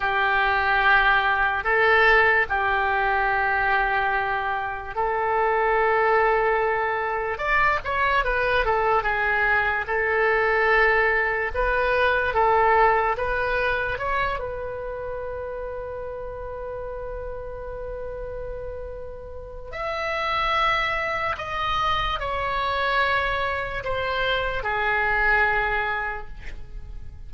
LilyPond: \new Staff \with { instrumentName = "oboe" } { \time 4/4 \tempo 4 = 73 g'2 a'4 g'4~ | g'2 a'2~ | a'4 d''8 cis''8 b'8 a'8 gis'4 | a'2 b'4 a'4 |
b'4 cis''8 b'2~ b'8~ | b'1 | e''2 dis''4 cis''4~ | cis''4 c''4 gis'2 | }